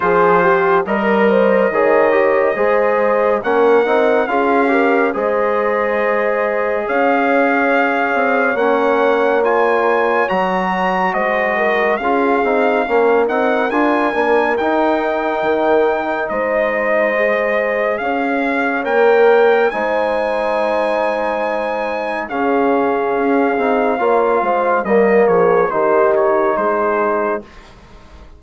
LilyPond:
<<
  \new Staff \with { instrumentName = "trumpet" } { \time 4/4 \tempo 4 = 70 c''4 dis''2. | fis''4 f''4 dis''2 | f''2 fis''4 gis''4 | ais''4 dis''4 f''4. fis''8 |
gis''4 g''2 dis''4~ | dis''4 f''4 g''4 gis''4~ | gis''2 f''2~ | f''4 dis''8 cis''8 c''8 cis''8 c''4 | }
  \new Staff \with { instrumentName = "horn" } { \time 4/4 gis'8 g'8 ais'8 c''8 cis''4 c''4 | ais'4 gis'8 ais'8 c''2 | cis''1~ | cis''4 c''8 ais'8 gis'4 ais'4~ |
ais'2. c''4~ | c''4 cis''2 c''4~ | c''2 gis'2 | cis''8 c''8 ais'8 gis'8 g'4 gis'4 | }
  \new Staff \with { instrumentName = "trombone" } { \time 4/4 f'4 ais'4 gis'8 g'8 gis'4 | cis'8 dis'8 f'8 g'8 gis'2~ | gis'2 cis'4 f'4 | fis'2 f'8 dis'8 cis'8 dis'8 |
f'8 d'8 dis'2. | gis'2 ais'4 dis'4~ | dis'2 cis'4. dis'8 | f'4 ais4 dis'2 | }
  \new Staff \with { instrumentName = "bassoon" } { \time 4/4 f4 g4 dis4 gis4 | ais8 c'8 cis'4 gis2 | cis'4. c'8 ais2 | fis4 gis4 cis'8 c'8 ais8 c'8 |
d'8 ais8 dis'4 dis4 gis4~ | gis4 cis'4 ais4 gis4~ | gis2 cis4 cis'8 c'8 | ais8 gis8 g8 f8 dis4 gis4 | }
>>